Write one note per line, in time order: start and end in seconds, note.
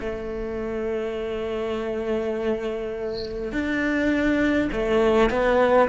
0.00 3.52 A3
3.52 4.70 D4
4.73 5.30 A3
5.30 5.89 B3